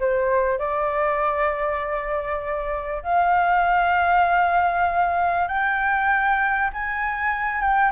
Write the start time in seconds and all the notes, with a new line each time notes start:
0.00 C5
0.59 D5
3.04 F5
5.48 G5
6.73 G#5
7.62 G5